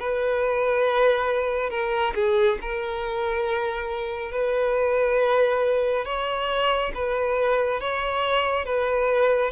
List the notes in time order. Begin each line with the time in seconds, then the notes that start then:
0.00 B4
1.70 A#4
2.15 G#4
2.62 A#4
4.32 B4
6.06 C#5
6.95 B4
7.81 C#5
8.66 B4